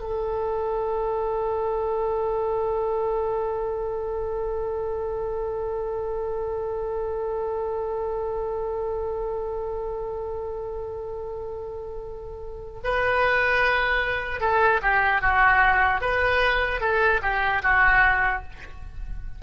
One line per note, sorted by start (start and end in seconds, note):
0.00 12.80 A4
12.84 14.40 B4
14.40 14.80 A4
14.83 15.21 G4
15.21 16.01 F#4
16.01 16.81 B4
16.81 17.21 A4
17.22 17.62 G4
17.63 18.43 F#4